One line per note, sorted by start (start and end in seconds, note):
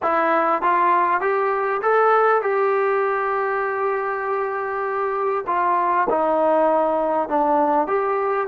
0.02 0.62 E4
0.62 1.20 F4
1.20 1.81 G4
1.82 2.42 A4
2.42 5.45 G4
5.47 6.07 F4
6.09 7.28 D#4
7.28 7.87 D4
7.87 8.47 G4